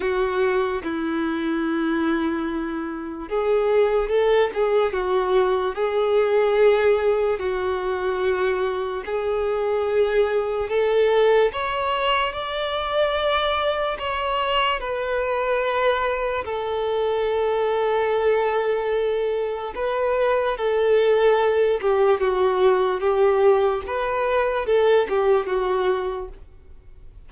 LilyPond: \new Staff \with { instrumentName = "violin" } { \time 4/4 \tempo 4 = 73 fis'4 e'2. | gis'4 a'8 gis'8 fis'4 gis'4~ | gis'4 fis'2 gis'4~ | gis'4 a'4 cis''4 d''4~ |
d''4 cis''4 b'2 | a'1 | b'4 a'4. g'8 fis'4 | g'4 b'4 a'8 g'8 fis'4 | }